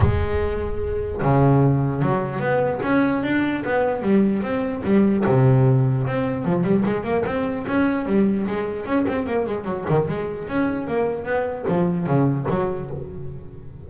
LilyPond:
\new Staff \with { instrumentName = "double bass" } { \time 4/4 \tempo 4 = 149 gis2. cis4~ | cis4 fis4 b4 cis'4 | d'4 b4 g4 c'4 | g4 c2 c'4 |
f8 g8 gis8 ais8 c'4 cis'4 | g4 gis4 cis'8 c'8 ais8 gis8 | fis8 dis8 gis4 cis'4 ais4 | b4 f4 cis4 fis4 | }